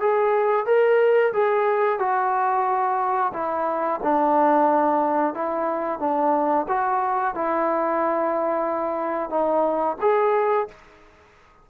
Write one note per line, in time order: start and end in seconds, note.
0.00 0.65 G#4
0.65 1.32 A#4
1.33 1.98 G#4
1.98 3.32 F#4
3.33 4.00 E4
4.02 5.34 D4
5.34 5.99 E4
5.99 6.66 D4
6.68 7.34 F#4
7.34 9.30 E4
9.30 9.96 D#4
10.01 10.68 G#4